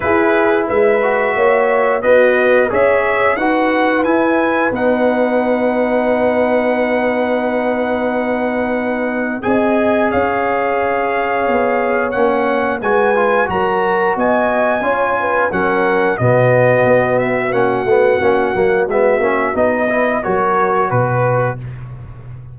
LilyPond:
<<
  \new Staff \with { instrumentName = "trumpet" } { \time 4/4 \tempo 4 = 89 b'4 e''2 dis''4 | e''4 fis''4 gis''4 fis''4~ | fis''1~ | fis''2 gis''4 f''4~ |
f''2 fis''4 gis''4 | ais''4 gis''2 fis''4 | dis''4. e''8 fis''2 | e''4 dis''4 cis''4 b'4 | }
  \new Staff \with { instrumentName = "horn" } { \time 4/4 gis'4 b'4 cis''4 fis'4 | cis''4 b'2.~ | b'1~ | b'2 dis''4 cis''4~ |
cis''2. b'4 | ais'4 dis''4 cis''8 b'8 ais'4 | fis'1~ | fis'4. b'8 ais'4 b'4 | }
  \new Staff \with { instrumentName = "trombone" } { \time 4/4 e'4. fis'4. b'4 | gis'4 fis'4 e'4 dis'4~ | dis'1~ | dis'2 gis'2~ |
gis'2 cis'4 fis'8 f'8 | fis'2 f'4 cis'4 | b2 cis'8 b8 cis'8 ais8 | b8 cis'8 dis'8 e'8 fis'2 | }
  \new Staff \with { instrumentName = "tuba" } { \time 4/4 e'4 gis4 ais4 b4 | cis'4 dis'4 e'4 b4~ | b1~ | b2 c'4 cis'4~ |
cis'4 b4 ais4 gis4 | fis4 b4 cis'4 fis4 | b,4 b4 ais8 a8 ais8 fis8 | gis8 ais8 b4 fis4 b,4 | }
>>